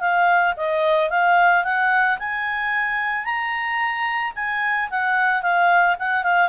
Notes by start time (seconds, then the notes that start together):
0.00 F5
0.57 D#5
1.10 F5
1.64 F#5
2.19 G#5
3.24 A#5
4.35 G#5
4.90 F#5
5.42 F5
5.99 F#5
6.23 F5